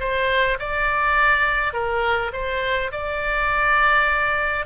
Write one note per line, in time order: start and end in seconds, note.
0.00 0.58 C5
0.59 1.73 D5
1.73 2.32 A#4
2.33 2.91 C5
2.92 4.66 D5